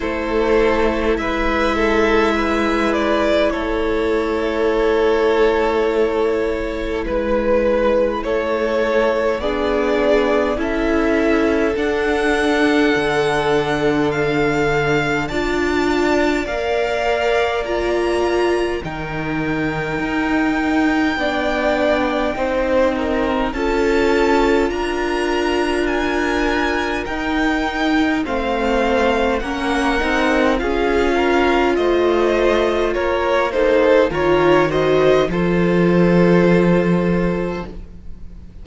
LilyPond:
<<
  \new Staff \with { instrumentName = "violin" } { \time 4/4 \tempo 4 = 51 c''4 e''4. d''8 cis''4~ | cis''2 b'4 cis''4 | d''4 e''4 fis''2 | f''4 a''4 f''4 ais''4 |
g''1 | a''4 ais''4 gis''4 g''4 | f''4 fis''4 f''4 dis''4 | cis''8 c''8 cis''8 dis''8 c''2 | }
  \new Staff \with { instrumentName = "violin" } { \time 4/4 a'4 b'8 a'8 b'4 a'4~ | a'2 b'4 a'4 | gis'4 a'2.~ | a'4 d''2. |
ais'2 d''4 c''8 ais'8 | a'4 ais'2. | c''4 ais'4 gis'8 ais'8 c''4 | ais'8 a'8 ais'8 c''8 a'2 | }
  \new Staff \with { instrumentName = "viola" } { \time 4/4 e'1~ | e'1 | d'4 e'4 d'2~ | d'4 f'4 ais'4 f'4 |
dis'2 d'4 dis'4 | f'2. dis'4 | c'4 cis'8 dis'8 f'2~ | f'8 dis'8 f'8 fis'8 f'2 | }
  \new Staff \with { instrumentName = "cello" } { \time 4/4 a4 gis2 a4~ | a2 gis4 a4 | b4 cis'4 d'4 d4~ | d4 d'4 ais2 |
dis4 dis'4 b4 c'4 | cis'4 d'2 dis'4 | a4 ais8 c'8 cis'4 a4 | ais4 dis4 f2 | }
>>